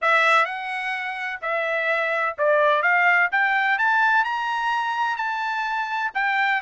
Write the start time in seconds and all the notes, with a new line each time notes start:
0.01 E5
0.45 F#5
1.41 E5
2.38 D5
2.82 F5
3.31 G5
3.78 A5
4.24 A#5
5.16 A5
6.14 G5